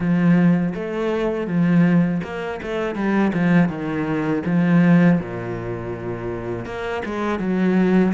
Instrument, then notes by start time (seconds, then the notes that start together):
cello
0.00 F3
0.74 A3
1.46 F3
2.23 A#3
2.62 A3
2.95 G3
3.33 F3
3.68 D#3
4.45 F3
5.20 A#2
6.65 A#3
7.05 G#3
7.39 F#3